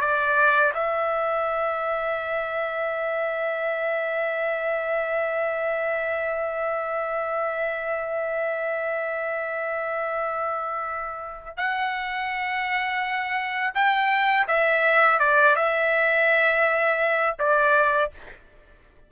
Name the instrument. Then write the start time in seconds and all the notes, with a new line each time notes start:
trumpet
0.00 D5
0.74 E5
11.57 F#5
13.74 G5
14.47 E5
15.19 D5
15.56 E5
17.39 D5